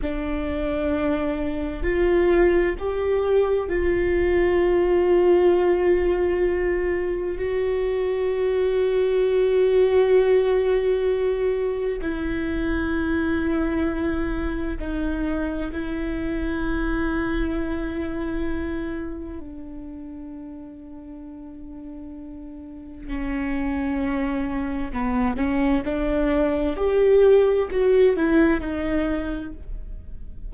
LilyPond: \new Staff \with { instrumentName = "viola" } { \time 4/4 \tempo 4 = 65 d'2 f'4 g'4 | f'1 | fis'1~ | fis'4 e'2. |
dis'4 e'2.~ | e'4 d'2.~ | d'4 cis'2 b8 cis'8 | d'4 g'4 fis'8 e'8 dis'4 | }